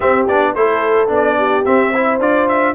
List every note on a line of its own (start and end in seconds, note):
0.00 0.27 C4
0.00 0.53 G4
0.00 0.26 E5
0.27 0.55 B3
0.27 0.56 D4
0.27 0.54 D5
0.54 1.10 A3
0.54 1.07 E4
0.54 1.37 A4
0.54 1.09 C5
1.07 1.65 B3
1.07 1.62 D4
1.14 1.65 D5
1.37 1.91 G4
1.65 2.19 C4
1.65 1.93 C4
1.65 2.20 E5
1.91 2.20 E4
1.91 2.74 C5
2.19 2.74 D4
2.19 2.74 F4
2.19 2.48 D5
2.48 2.74 E5